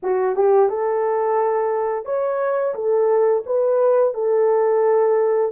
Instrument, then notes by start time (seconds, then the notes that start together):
horn
0.02 F#4
0.35 G4
0.69 A4
2.05 C#5
2.74 A4
3.45 B4
4.14 A4